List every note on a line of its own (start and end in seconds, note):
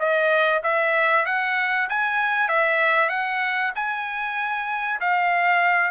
0.00 0.62 D#5
0.63 1.26 E5
1.26 1.88 F#5
1.89 2.49 G#5
2.49 3.10 E5
3.10 3.72 F#5
3.75 5.00 G#5
5.01 5.91 F5